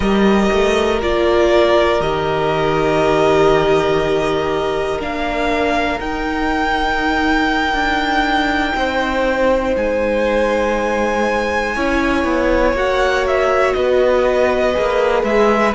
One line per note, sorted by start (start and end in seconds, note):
0.00 0.49 G3
0.00 1.01 G4
0.00 8.75 A#4
0.00 0.99 D#5
0.52 1.02 A3
1.01 2.00 A#3
1.01 2.01 F4
1.01 2.01 D5
2.00 4.99 D#3
2.00 5.00 G4
2.00 5.01 D#5
4.99 5.99 A#3
4.99 6.00 D4
4.99 6.00 F5
6.00 7.73 D#4
6.00 11.75 D#4
6.00 9.75 G5
7.73 8.73 D4
8.75 9.75 C4
8.75 11.75 C5
9.76 11.76 G#3
9.76 12.76 G#5
11.75 12.24 C#4
11.75 12.75 E4
11.75 13.75 C#5
12.24 12.73 B3
12.73 13.73 A#3
12.73 14.73 F#4
12.73 13.26 F#5
13.27 13.73 E5
13.73 14.75 B3
13.73 15.74 B4
13.73 15.23 D#5
14.73 15.23 A#3
14.73 15.73 G#4
15.23 15.73 G#3
15.23 15.74 E5